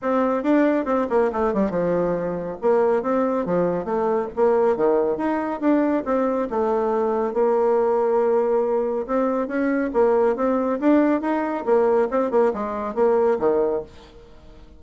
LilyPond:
\new Staff \with { instrumentName = "bassoon" } { \time 4/4 \tempo 4 = 139 c'4 d'4 c'8 ais8 a8 g8 | f2 ais4 c'4 | f4 a4 ais4 dis4 | dis'4 d'4 c'4 a4~ |
a4 ais2.~ | ais4 c'4 cis'4 ais4 | c'4 d'4 dis'4 ais4 | c'8 ais8 gis4 ais4 dis4 | }